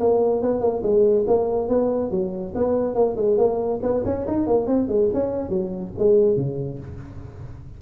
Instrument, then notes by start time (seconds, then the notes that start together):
tuba
0.00 A#3
0.42 B3
0.61 A#3
0.83 G#3
1.27 A#3
1.68 B3
2.11 F#3
2.55 B3
2.95 A#3
3.16 G#3
3.38 A#3
3.82 B3
4.05 C#4
4.27 D#4
4.47 A#3
4.67 C4
4.88 G#3
5.14 C#4
5.49 F#3
5.98 G#3
6.36 C#3